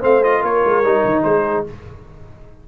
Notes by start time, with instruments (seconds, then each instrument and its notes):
0.00 tuba A3, trombone C4, horn C5, trumpet F5
0.23 trombone F4, trumpet D#5
0.41 tuba A#3, horn A#4, trumpet C#5
0.65 tuba G#3
0.84 tuba G3, trombone D#4
1.05 tuba D#3
1.23 tuba G#3, horn G#4, trumpet C5